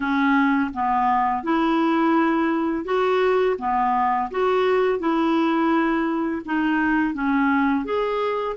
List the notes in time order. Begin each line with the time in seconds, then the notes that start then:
0.00 C#4
0.74 B3
1.43 E4
2.84 F#4
3.58 B3
4.31 F#4
4.99 E4
6.45 D#4
7.14 C#4
7.84 G#4